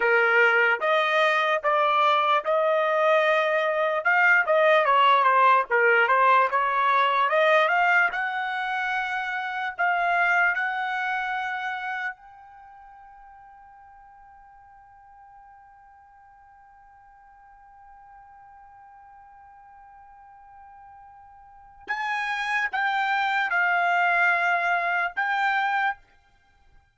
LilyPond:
\new Staff \with { instrumentName = "trumpet" } { \time 4/4 \tempo 4 = 74 ais'4 dis''4 d''4 dis''4~ | dis''4 f''8 dis''8 cis''8 c''8 ais'8 c''8 | cis''4 dis''8 f''8 fis''2 | f''4 fis''2 g''4~ |
g''1~ | g''1~ | g''2. gis''4 | g''4 f''2 g''4 | }